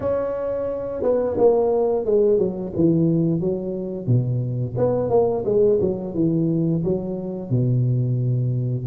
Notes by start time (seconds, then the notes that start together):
0.00 C#4
1.02 B3
1.37 A#3
2.05 G#3
2.38 F#3
2.75 E3
3.40 F#3
4.06 B2
4.77 B3
5.10 A#3
5.45 G#3
5.80 F#3
6.14 E3
6.84 F#3
7.49 B2